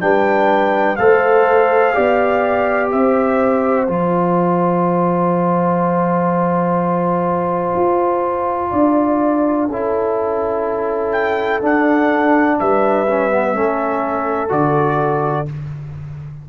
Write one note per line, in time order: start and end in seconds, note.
0.00 0.98 G3
0.00 0.97 D4
0.00 0.99 B4
0.00 0.96 G5
0.96 1.96 A3
0.96 1.93 A4
0.96 1.94 C5
0.96 2.90 F5
1.93 2.93 B3
1.93 3.87 G4
1.93 2.91 D5
2.91 3.88 C4
2.91 8.71 C5
2.91 3.87 E5
3.87 7.75 F3
3.87 9.69 F4
3.87 11.12 A5
7.75 8.72 F4
8.71 9.68 D4
8.71 9.67 D5
9.68 11.62 C#4
9.68 11.61 E4
9.68 12.58 A4
11.12 11.60 G5
11.61 13.06 D4
11.61 12.59 D4
11.61 12.59 F#5
12.59 13.54 G3
12.59 13.55 B4
12.59 14.51 E5
13.07 13.30 C#4
13.30 13.54 B3
13.54 14.51 A3
13.54 14.49 C#4
13.54 15.49 A4
14.49 15.48 D3
14.49 15.45 F#4
14.49 15.48 D5